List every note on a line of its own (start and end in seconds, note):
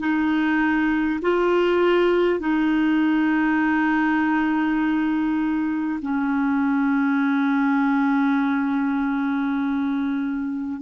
0.00 1.20 D#4
1.22 2.40 F4
2.40 6.00 D#4
6.02 10.82 C#4